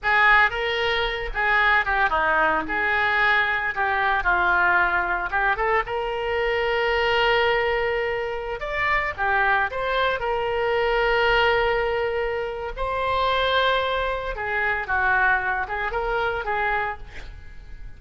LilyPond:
\new Staff \with { instrumentName = "oboe" } { \time 4/4 \tempo 4 = 113 gis'4 ais'4. gis'4 g'8 | dis'4 gis'2 g'4 | f'2 g'8 a'8 ais'4~ | ais'1~ |
ais'16 d''4 g'4 c''4 ais'8.~ | ais'1 | c''2. gis'4 | fis'4. gis'8 ais'4 gis'4 | }